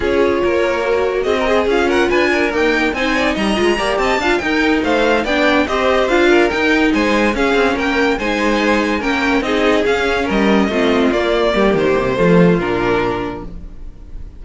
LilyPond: <<
  \new Staff \with { instrumentName = "violin" } { \time 4/4 \tempo 4 = 143 cis''2. dis''4 | f''8 fis''8 gis''4 g''4 gis''4 | ais''4. a''4 g''4 f''8~ | f''8 g''4 dis''4 f''4 g''8~ |
g''8 gis''4 f''4 g''4 gis''8~ | gis''4. g''4 dis''4 f''8~ | f''8 dis''2 d''4. | c''2 ais'2 | }
  \new Staff \with { instrumentName = "violin" } { \time 4/4 gis'4 ais'2 gis'16 ais'16 gis'8~ | gis'8 ais'8 b'8 ais'4. c''8 d''8 | dis''4 d''8 dis''8 f''8 ais'4 c''8~ | c''8 d''4 c''4. ais'4~ |
ais'8 c''4 gis'4 ais'4 c''8~ | c''4. ais'4 gis'4.~ | gis'8 ais'4 f'2 g'8~ | g'4 f'2. | }
  \new Staff \with { instrumentName = "viola" } { \time 4/4 f'2 fis'4. gis'8 | f'2 ais4 dis'4~ | dis'8 f'8 g'4 f'8 dis'4.~ | dis'8 d'4 g'4 f'4 dis'8~ |
dis'4. cis'2 dis'8~ | dis'4. cis'4 dis'4 cis'8~ | cis'4. c'4 ais4.~ | ais4 a4 d'2 | }
  \new Staff \with { instrumentName = "cello" } { \time 4/4 cis'4 ais2 c'4 | cis'4 d'4 dis'4 c'4 | g8 gis8 ais8 c'8 d'8 dis'4 a8~ | a8 b4 c'4 d'4 dis'8~ |
dis'8 gis4 cis'8 c'8 ais4 gis8~ | gis4. ais4 c'4 cis'8~ | cis'8 g4 a4 ais4 g8 | dis8 c8 f4 ais,2 | }
>>